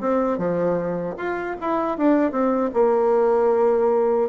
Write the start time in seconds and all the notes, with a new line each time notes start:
0.00 C4
0.38 F3
1.17 F4
1.60 E4
1.97 D4
2.31 C4
2.73 A#3